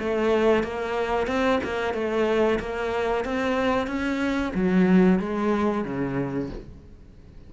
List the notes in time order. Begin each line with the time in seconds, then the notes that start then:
0.00 A3
0.64 A#3
1.27 C4
1.64 A#3
1.94 A3
2.60 A#3
3.25 C4
3.87 C#4
4.55 F#3
5.20 G#3
5.85 C#3